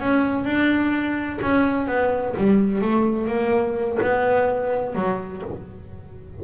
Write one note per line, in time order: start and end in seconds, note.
0.00 0.44 C#4
0.44 1.39 D4
1.42 1.87 C#4
1.87 2.34 B3
2.37 2.81 G3
2.81 3.27 A3
3.27 3.98 A#3
4.02 4.95 B3
4.95 5.42 F#3